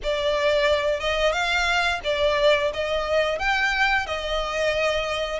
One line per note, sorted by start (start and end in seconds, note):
0.03 0.99 D5
0.99 1.32 D#5
1.32 1.99 F5
2.04 2.71 D5
2.73 3.39 D#5
3.39 4.06 G5
4.06 5.39 D#5